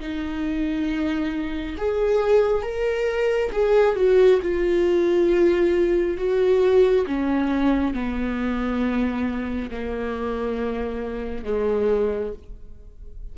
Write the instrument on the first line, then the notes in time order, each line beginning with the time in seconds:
viola
0.00 D#4
1.78 G#4
2.63 A#4
3.52 G#4
3.96 F#4
4.42 F4
6.18 F#4
7.07 C#4
7.94 B3
9.71 A#3
11.45 G#3